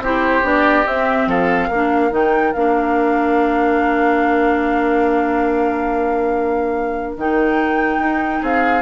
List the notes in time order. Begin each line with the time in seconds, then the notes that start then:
0.00 C4 E4 G4 C5
0.42 B3 D4 D5
0.86 C4 E5
1.26 F3 A4 F5
1.68 A#3 D4 A#4
2.10 D#3 D#4 G5
2.53 A#3 D4 F5
7.16 D#3 D#4 G5
7.98 D#4
8.42 C4 G#4 F5